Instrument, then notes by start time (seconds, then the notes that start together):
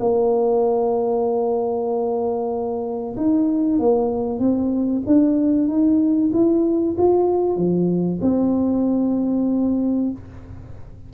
tuba
0.00 A#3
3.17 D#4
3.79 A#3
4.40 C4
5.07 D4
5.68 D#4
6.33 E4
6.98 F4
7.56 F3
8.22 C4